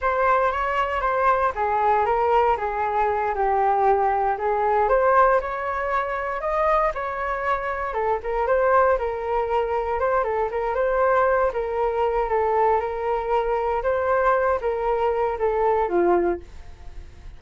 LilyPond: \new Staff \with { instrumentName = "flute" } { \time 4/4 \tempo 4 = 117 c''4 cis''4 c''4 gis'4 | ais'4 gis'4. g'4.~ | g'8 gis'4 c''4 cis''4.~ | cis''8 dis''4 cis''2 a'8 |
ais'8 c''4 ais'2 c''8 | a'8 ais'8 c''4. ais'4. | a'4 ais'2 c''4~ | c''8 ais'4. a'4 f'4 | }